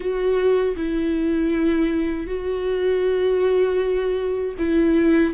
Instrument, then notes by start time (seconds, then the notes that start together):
viola
0.00 F#4
0.76 E4
2.26 F#4
4.58 E4